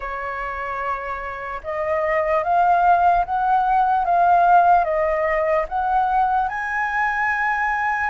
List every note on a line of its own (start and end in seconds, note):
0.00 1.61 C#5
1.63 2.43 D#5
2.43 3.24 F5
3.25 4.05 F#5
4.05 4.84 F5
4.84 5.65 D#5
5.68 6.48 F#5
6.48 8.10 G#5